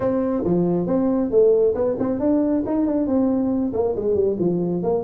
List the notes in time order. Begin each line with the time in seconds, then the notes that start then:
0.00 C4
0.44 F3
0.87 C4
1.30 A3
1.74 B3
1.99 C4
2.19 D4
2.65 D#4
2.86 D4
3.06 C4
3.73 A#3
3.95 G#3
4.14 G3
4.39 F3
4.82 A#3